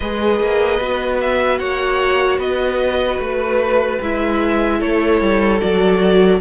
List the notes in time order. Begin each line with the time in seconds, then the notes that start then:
0.00 G#3 G#4 B4 D#5
0.40 A#3
0.80 B3 F#4
1.20 E5
1.58 A#3 C#5 F#5
2.38 B3 B4 D#5
3.18 A3 B4
4.01 G#3 E4 E5
4.79 A3 A4 C#5
5.21 G3
5.59 F#3 F#4 D5